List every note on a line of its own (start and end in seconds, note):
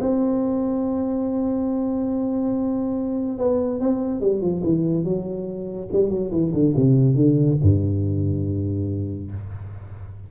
0.00 3.38 C4
3.38 3.80 B3
3.80 4.20 C4
4.20 4.41 G3
4.41 4.62 F3
4.63 5.04 E3
5.04 5.88 F#3
5.92 6.09 G3
6.09 6.30 F#3
6.31 6.52 E3
6.53 6.74 D3
6.76 7.15 C3
7.15 7.57 D3
7.62 9.31 G2